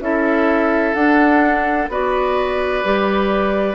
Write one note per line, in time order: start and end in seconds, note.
0.00 0.94 C#4
0.00 0.95 E4
0.00 1.91 A4
0.00 0.94 E5
0.94 1.88 D4
0.94 1.90 D4
0.94 1.88 F#5
1.89 2.83 B3
1.89 2.84 F#4
1.89 3.75 B4
1.89 3.75 D5
2.84 3.75 G3
2.84 3.75 G4